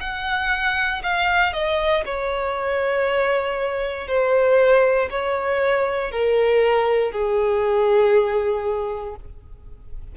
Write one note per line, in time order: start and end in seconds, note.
0.00 1.02 F#5
1.03 1.53 F5
1.53 2.03 D#5
2.05 4.07 C#5
4.07 5.08 C5
5.10 6.11 C#5
6.11 7.11 A#4
7.11 9.15 G#4